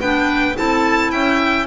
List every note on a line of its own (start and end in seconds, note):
0.00 0.56 B3
0.00 0.55 D4
0.00 0.56 B4
0.00 0.56 G5
0.55 1.12 C4
0.55 1.66 E4
0.55 1.12 A4
0.55 1.11 A5
1.11 1.66 C#4
1.11 1.66 E5
1.11 1.66 G5